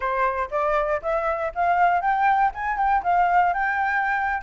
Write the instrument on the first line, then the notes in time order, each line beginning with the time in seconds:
flute
0.00 C5
0.50 D5
1.02 E5
1.54 F5
2.01 G5
2.54 G#5
2.77 G5
3.03 F5
3.53 G5